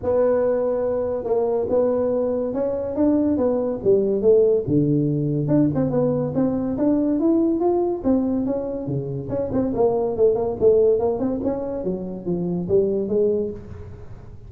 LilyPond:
\new Staff \with { instrumentName = "tuba" } { \time 4/4 \tempo 4 = 142 b2. ais4 | b2 cis'4 d'4 | b4 g4 a4 d4~ | d4 d'8 c'8 b4 c'4 |
d'4 e'4 f'4 c'4 | cis'4 cis4 cis'8 c'8 ais4 | a8 ais8 a4 ais8 c'8 cis'4 | fis4 f4 g4 gis4 | }